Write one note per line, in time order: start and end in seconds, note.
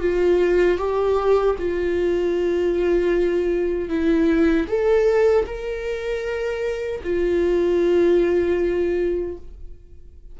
0.00 0.78 F4
0.78 1.55 G4
1.59 3.89 F4
3.89 4.67 E4
4.68 5.45 A4
5.45 7.01 A#4
7.03 9.37 F4